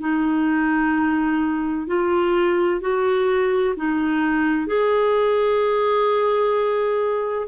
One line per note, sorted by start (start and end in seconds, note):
0.00 1.87 D#4
1.87 2.81 F4
2.81 3.75 F#4
3.76 4.67 D#4
4.67 7.48 G#4